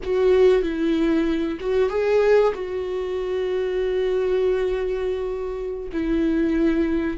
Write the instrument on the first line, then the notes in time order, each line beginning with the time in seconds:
viola
0.03 F#4
0.62 E4
1.60 F#4
1.89 G#4
2.54 F#4
5.92 E4